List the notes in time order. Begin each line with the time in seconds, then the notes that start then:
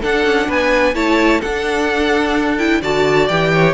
0.00 D4 A4 F#5
0.25 C#4
0.47 B3 B4 G#5
0.94 A3 E4 C#5 A5
1.40 D4 A4 F#5
2.58 E4 G5
2.81 D3 F#4 D5 A5
3.28 E3 G4 G5
3.53 C#5